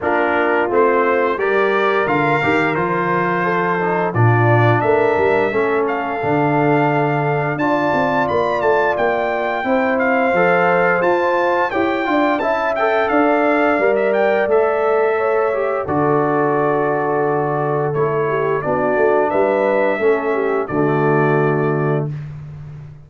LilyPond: <<
  \new Staff \with { instrumentName = "trumpet" } { \time 4/4 \tempo 4 = 87 ais'4 c''4 d''4 f''4 | c''2 d''4 e''4~ | e''8 f''2~ f''8 a''4 | b''8 a''8 g''4. f''4. |
a''4 g''4 a''8 g''8 f''4~ | f''16 e''16 g''8 e''2 d''4~ | d''2 cis''4 d''4 | e''2 d''2 | }
  \new Staff \with { instrumentName = "horn" } { \time 4/4 f'2 ais'2~ | ais'4 a'4 f'4 ais'4 | a'2. d''4~ | d''2 c''2~ |
c''4 cis''8 d''8 e''4 d''4~ | d''2 cis''4 a'4~ | a'2~ a'8 g'8 fis'4 | b'4 a'8 g'8 fis'2 | }
  \new Staff \with { instrumentName = "trombone" } { \time 4/4 d'4 c'4 g'4 f'8 g'8 | f'4. dis'8 d'2 | cis'4 d'2 f'4~ | f'2 e'4 a'4 |
f'4 g'8 f'8 e'8 a'4. | ais'4 a'4. g'8 fis'4~ | fis'2 e'4 d'4~ | d'4 cis'4 a2 | }
  \new Staff \with { instrumentName = "tuba" } { \time 4/4 ais4 a4 g4 d8 dis8 | f2 ais,4 a8 g8 | a4 d2 d'8 c'8 | ais8 a8 ais4 c'4 f4 |
f'4 e'8 d'8 cis'4 d'4 | g4 a2 d4~ | d2 a4 b8 a8 | g4 a4 d2 | }
>>